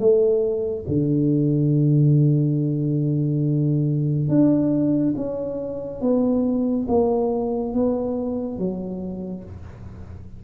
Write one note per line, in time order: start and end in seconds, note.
0.00 0.86 A3
0.88 4.29 D3
4.29 5.15 D4
5.17 6.02 C#4
6.02 6.87 B3
6.89 7.74 A#3
7.74 8.59 B3
8.59 9.44 F#3